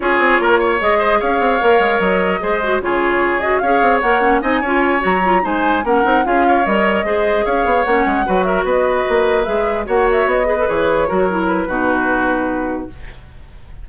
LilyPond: <<
  \new Staff \with { instrumentName = "flute" } { \time 4/4 \tempo 4 = 149 cis''2 dis''4 f''4~ | f''4 dis''2 cis''4~ | cis''8 dis''8 f''4 fis''4 gis''4~ | gis''8 ais''4 gis''4 fis''4 f''8~ |
f''8 dis''2 f''4 fis''8~ | fis''4 e''8 dis''2 e''8~ | e''8 fis''8 e''8 dis''4 cis''4.~ | cis''8 b'2.~ b'8 | }
  \new Staff \with { instrumentName = "oboe" } { \time 4/4 gis'4 ais'8 cis''4 c''8 cis''4~ | cis''2 c''4 gis'4~ | gis'4 cis''2 dis''8 cis''8~ | cis''4. c''4 ais'4 gis'8 |
cis''4. c''4 cis''4.~ | cis''8 b'8 ais'8 b'2~ b'8~ | b'8 cis''4. b'4. ais'8~ | ais'4 fis'2. | }
  \new Staff \with { instrumentName = "clarinet" } { \time 4/4 f'2 gis'2 | ais'2 gis'8 fis'8 f'4~ | f'8 fis'8 gis'4 ais'8 cis'8 dis'8 f'8~ | f'8 fis'8 f'8 dis'4 cis'8 dis'8 f'8~ |
f'8 ais'4 gis'2 cis'8~ | cis'8 fis'2. gis'8~ | gis'8 fis'4. gis'16 a'16 gis'4 fis'8 | e'4 dis'2. | }
  \new Staff \with { instrumentName = "bassoon" } { \time 4/4 cis'8 c'8 ais4 gis4 cis'8 c'8 | ais8 gis8 fis4 gis4 cis4~ | cis4 cis'8 c'8 ais4 c'8 cis'8~ | cis'8 fis4 gis4 ais8 c'8 cis'8~ |
cis'8 g4 gis4 cis'8 b8 ais8 | gis8 fis4 b4 ais4 gis8~ | gis8 ais4 b4 e4 fis8~ | fis4 b,2. | }
>>